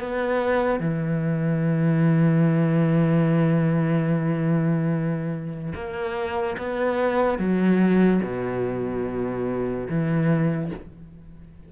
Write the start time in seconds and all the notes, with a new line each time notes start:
0.00 B3
0.80 E3
5.75 A#3
6.58 B3
7.39 F#3
8.23 B2
9.89 E3